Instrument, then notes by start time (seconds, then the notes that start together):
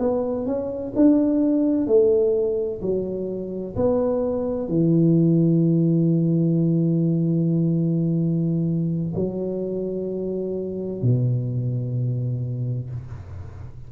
tuba
0.00 B3
0.46 C#4
0.96 D4
1.87 A3
2.82 F#3
3.76 B3
4.69 E3
9.16 F#3
11.03 B2